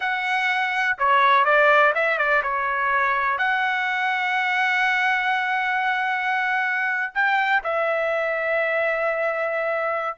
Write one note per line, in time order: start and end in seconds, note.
0.00 0.97 F#5
0.98 1.45 C#5
1.45 1.93 D5
1.95 2.18 E5
2.18 2.42 D5
2.42 3.38 C#5
3.38 7.13 F#5
7.14 7.63 G5
7.63 10.17 E5